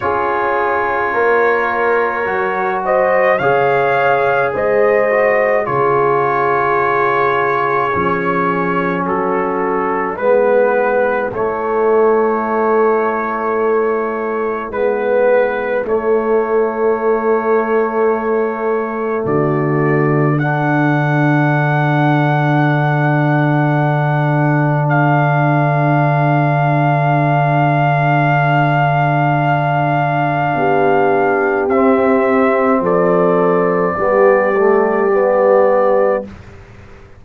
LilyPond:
<<
  \new Staff \with { instrumentName = "trumpet" } { \time 4/4 \tempo 4 = 53 cis''2~ cis''8 dis''8 f''4 | dis''4 cis''2. | a'4 b'4 cis''2~ | cis''4 b'4 cis''2~ |
cis''4 d''4 fis''2~ | fis''2 f''2~ | f''1 | e''4 d''2. | }
  \new Staff \with { instrumentName = "horn" } { \time 4/4 gis'4 ais'4. c''8 cis''4 | c''4 gis'2. | fis'4 e'2.~ | e'1~ |
e'4 fis'4 a'2~ | a'1~ | a'2. g'4~ | g'4 a'4 g'2 | }
  \new Staff \with { instrumentName = "trombone" } { \time 4/4 f'2 fis'4 gis'4~ | gis'8 fis'8 f'2 cis'4~ | cis'4 b4 a2~ | a4 b4 a2~ |
a2 d'2~ | d'1~ | d'1 | c'2 b8 a8 b4 | }
  \new Staff \with { instrumentName = "tuba" } { \time 4/4 cis'4 ais4 fis4 cis4 | gis4 cis2 f4 | fis4 gis4 a2~ | a4 gis4 a2~ |
a4 d2.~ | d1~ | d2. b4 | c'4 f4 g2 | }
>>